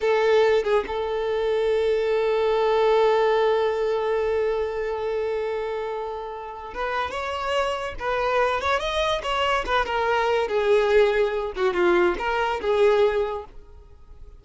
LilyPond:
\new Staff \with { instrumentName = "violin" } { \time 4/4 \tempo 4 = 143 a'4. gis'8 a'2~ | a'1~ | a'1~ | a'1 |
b'4 cis''2 b'4~ | b'8 cis''8 dis''4 cis''4 b'8 ais'8~ | ais'4 gis'2~ gis'8 fis'8 | f'4 ais'4 gis'2 | }